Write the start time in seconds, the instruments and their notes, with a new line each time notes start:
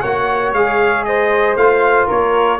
0.00 tuba A#3, trombone F#4, flute C#5, trumpet F#5
0.53 tuba G#3, trombone G#4, trumpet F5
1.04 flute C5, trumpet D#5
1.56 tuba A3, trombone F4, trumpet F5
2.06 tuba A#3, flute A#4, trumpet C#5